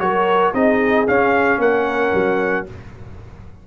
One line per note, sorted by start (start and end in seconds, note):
0.00 0.53 F#3
0.00 0.54 F#4
0.00 0.54 A#4
0.00 0.53 C#5
0.54 1.07 C4
0.54 1.07 D#4
0.54 1.60 G#4
0.54 1.07 D#5
1.07 2.66 C#4
1.07 1.58 C#4
1.07 1.61 F5
1.58 2.11 A#3
1.58 2.67 A#4
1.58 2.67 F#5
2.13 2.66 F#3